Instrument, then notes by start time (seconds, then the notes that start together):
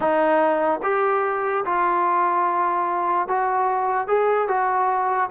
trombone
0.00 D#4
0.82 G4
1.65 F4
3.28 F#4
4.07 G#4
4.48 F#4